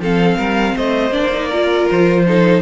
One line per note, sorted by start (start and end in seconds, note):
0.00 0.38 F3
0.00 1.12 C4
0.00 0.38 A4
0.00 0.78 F5
0.38 0.76 G3
0.38 0.75 A#4
0.76 1.11 A3
0.76 1.48 C5
0.76 1.13 D#5
1.11 1.86 A#3
1.11 1.31 D4
1.11 1.88 D5
1.34 1.53 D#4
1.48 2.27 F4
1.48 2.23 A#4
1.91 2.63 F3
1.91 2.63 C5
2.27 2.63 D#4
2.27 2.63 A4